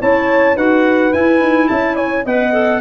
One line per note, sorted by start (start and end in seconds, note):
0.00 0.56 C#4
0.00 0.56 E4
0.00 0.56 C#5
0.00 0.57 A5
0.56 1.12 D#4
0.56 1.12 F#4
0.56 1.68 B4
0.56 1.13 F#5
1.12 2.24 E4
1.12 1.41 E4
1.12 1.68 G#5
1.41 1.69 D#4
1.68 2.26 C#4
1.68 1.96 E5
1.68 1.96 A5
1.96 2.24 C#5
1.96 2.24 G#5
2.25 2.81 B3
2.25 2.53 B4
2.25 2.81 D#5
2.25 2.81 F#5
2.53 2.81 A4